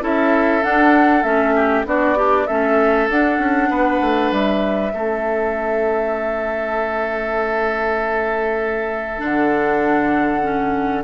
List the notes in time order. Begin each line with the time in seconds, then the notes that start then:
0.00 C#4 E4 A4 E5
0.62 D4 F#5
1.23 A3 C#4 E5
1.55 G4
1.85 B3 D4 F#4 D5
2.15 D4 G4
2.46 A3 C#4 A4 E5
3.09 D4 F#5
3.38 C#4
3.69 B3 B4
4.01 A3
4.31 G3 E5
4.92 A3 C#4 A4
9.18 D3 D4 F#5
10.42 C#4